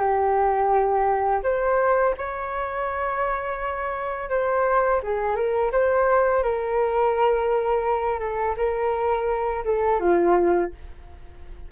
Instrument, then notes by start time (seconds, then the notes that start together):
flute
0.00 G4
1.44 C5
2.18 C#5
4.30 C5
5.03 G#4
5.36 A#4
5.72 C5
6.44 A#4
8.20 A4
8.57 A#4
9.65 A4
10.00 F4